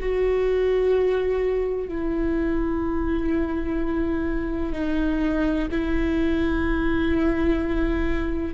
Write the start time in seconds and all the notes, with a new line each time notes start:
0.00 F#4
1.88 E4
4.73 D#4
5.71 E4